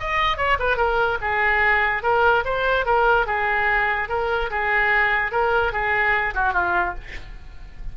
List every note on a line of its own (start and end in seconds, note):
0.00 0.38 D#5
0.38 0.58 C#5
0.60 0.77 B4
0.77 1.18 A#4
1.22 2.03 G#4
2.03 2.44 A#4
2.45 2.86 C5
2.86 3.27 A#4
3.27 4.09 G#4
4.09 4.50 A#4
4.51 5.32 G#4
5.32 5.73 A#4
5.73 6.35 G#4
6.35 6.54 F#4
6.54 6.95 F4